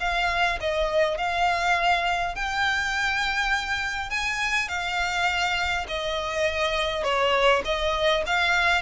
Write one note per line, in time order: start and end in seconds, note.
0.00 0.59 F5
0.60 1.17 D#5
1.17 2.35 F5
2.35 4.10 G5
4.10 4.68 G#5
4.68 5.86 F5
5.88 7.04 D#5
7.04 7.63 C#5
7.65 8.24 D#5
8.26 8.82 F5